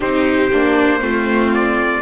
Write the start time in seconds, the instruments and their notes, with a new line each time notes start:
0.00 double bass C4, viola D#4, violin G4, trumpet C5
0.52 double bass A#3, viola D4
1.00 double bass A3, viola C4, violin F4
1.53 trumpet D5